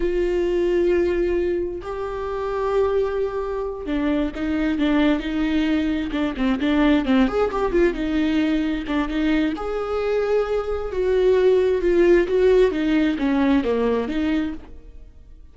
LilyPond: \new Staff \with { instrumentName = "viola" } { \time 4/4 \tempo 4 = 132 f'1 | g'1~ | g'8 d'4 dis'4 d'4 dis'8~ | dis'4. d'8 c'8 d'4 c'8 |
gis'8 g'8 f'8 dis'2 d'8 | dis'4 gis'2. | fis'2 f'4 fis'4 | dis'4 cis'4 ais4 dis'4 | }